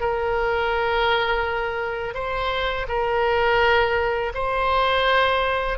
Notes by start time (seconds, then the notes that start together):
0.00 A#4
2.14 C5
2.88 A#4
4.34 C5